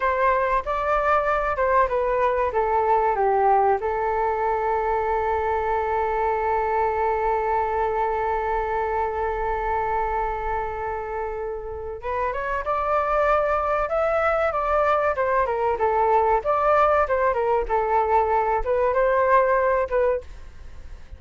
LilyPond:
\new Staff \with { instrumentName = "flute" } { \time 4/4 \tempo 4 = 95 c''4 d''4. c''8 b'4 | a'4 g'4 a'2~ | a'1~ | a'1~ |
a'2. b'8 cis''8 | d''2 e''4 d''4 | c''8 ais'8 a'4 d''4 c''8 ais'8 | a'4. b'8 c''4. b'8 | }